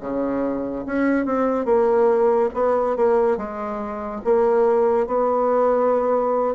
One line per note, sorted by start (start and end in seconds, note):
0.00 0.85 C#3
0.86 1.25 C#4
1.25 1.65 C4
1.65 2.49 A#3
2.54 2.96 B3
2.97 3.37 A#3
3.37 4.22 G#3
4.24 5.07 A#3
5.07 6.55 B3